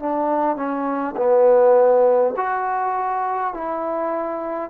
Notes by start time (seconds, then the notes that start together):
0.00 D4
0.57 C#4
1.17 B3
2.37 F#4
3.55 E4